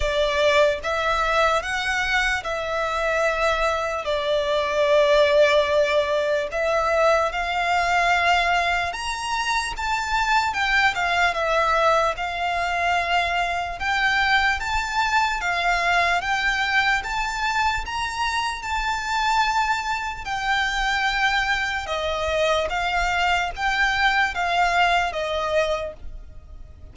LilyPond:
\new Staff \with { instrumentName = "violin" } { \time 4/4 \tempo 4 = 74 d''4 e''4 fis''4 e''4~ | e''4 d''2. | e''4 f''2 ais''4 | a''4 g''8 f''8 e''4 f''4~ |
f''4 g''4 a''4 f''4 | g''4 a''4 ais''4 a''4~ | a''4 g''2 dis''4 | f''4 g''4 f''4 dis''4 | }